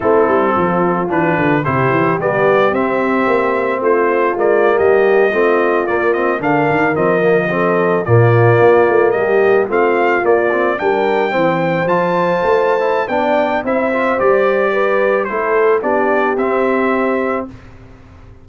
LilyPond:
<<
  \new Staff \with { instrumentName = "trumpet" } { \time 4/4 \tempo 4 = 110 a'2 b'4 c''4 | d''4 e''2 c''4 | d''8. dis''2 d''8 dis''8 f''16~ | f''8. dis''2 d''4~ d''16~ |
d''8. dis''4 f''4 d''4 g''16~ | g''4.~ g''16 a''2~ a''16 | g''4 e''4 d''2 | c''4 d''4 e''2 | }
  \new Staff \with { instrumentName = "horn" } { \time 4/4 e'4 f'2 g'4~ | g'2. f'4~ | f'8. g'4 f'2 ais'16~ | ais'4.~ ais'16 a'4 f'4~ f'16~ |
f'8. g'4 f'2 ais'16~ | ais'8. c''2.~ c''16 | d''4 c''2 b'4 | a'4 g'2. | }
  \new Staff \with { instrumentName = "trombone" } { \time 4/4 c'2 d'4 e'4 | b4 c'2. | ais4.~ ais16 c'4 ais8 c'8 d'16~ | d'8. c'8 ais8 c'4 ais4~ ais16~ |
ais4.~ ais16 c'4 ais8 c'8 d'16~ | d'8. c'4 f'4.~ f'16 e'8 | d'4 e'8 f'8 g'2 | e'4 d'4 c'2 | }
  \new Staff \with { instrumentName = "tuba" } { \time 4/4 a8 g8 f4 e8 d8 c8 e8 | g4 c'4 ais4 a4 | gis8. g4 a4 ais4 d16~ | d16 dis8 f2 ais,4 ais16~ |
ais16 a8 g4 a4 ais4 g16~ | g8. e4 f4 a4~ a16 | b4 c'4 g2 | a4 b4 c'2 | }
>>